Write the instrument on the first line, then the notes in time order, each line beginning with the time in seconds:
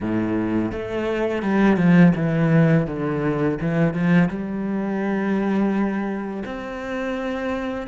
cello
0.00 A2
0.71 A3
1.42 G3
1.76 F3
2.15 E3
2.86 D3
3.60 E3
3.93 F3
4.29 G3
6.45 C4